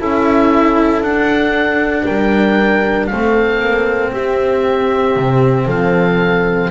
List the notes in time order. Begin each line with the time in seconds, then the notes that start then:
0.00 C#4 E4 A4 E5
0.99 D4 F#5
2.04 G3 A#4 G5
3.06 A3 C4 A4 F5
3.59 A#3
4.12 C4 G4 E5
5.16 C3
5.65 F3 A4 F5